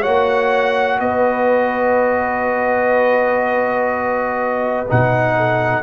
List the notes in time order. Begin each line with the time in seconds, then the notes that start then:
0.00 A#3 F#4 C#5 F#5
1.00 B3 B4 D#5
4.89 B2 D#4 F#5
5.36 A4